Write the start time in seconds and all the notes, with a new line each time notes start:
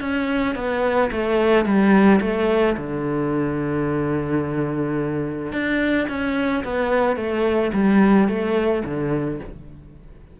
0.00 C#4
0.55 B3
1.11 A3
1.65 G3
2.20 A3
2.77 D3
5.52 D4
6.08 C#4
6.64 B3
7.16 A3
7.73 G3
8.28 A3
8.85 D3